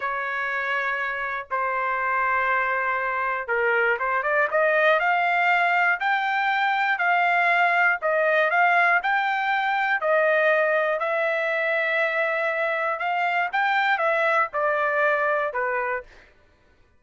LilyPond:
\new Staff \with { instrumentName = "trumpet" } { \time 4/4 \tempo 4 = 120 cis''2. c''4~ | c''2. ais'4 | c''8 d''8 dis''4 f''2 | g''2 f''2 |
dis''4 f''4 g''2 | dis''2 e''2~ | e''2 f''4 g''4 | e''4 d''2 b'4 | }